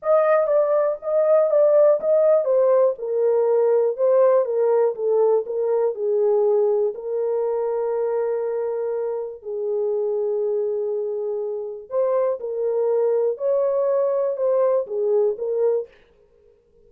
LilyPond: \new Staff \with { instrumentName = "horn" } { \time 4/4 \tempo 4 = 121 dis''4 d''4 dis''4 d''4 | dis''4 c''4 ais'2 | c''4 ais'4 a'4 ais'4 | gis'2 ais'2~ |
ais'2. gis'4~ | gis'1 | c''4 ais'2 cis''4~ | cis''4 c''4 gis'4 ais'4 | }